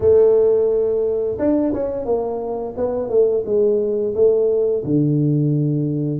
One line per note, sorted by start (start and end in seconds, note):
0.00 1.38 A3
1.39 1.73 D4
1.73 2.05 C#4
2.05 2.74 A#3
2.76 3.09 B3
3.09 3.43 A3
3.45 4.14 G#3
4.14 4.83 A3
4.84 6.20 D3